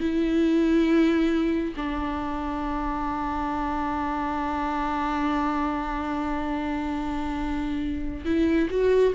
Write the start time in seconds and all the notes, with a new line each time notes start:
0.00 E4
1.77 D4
8.25 E4
8.70 F#4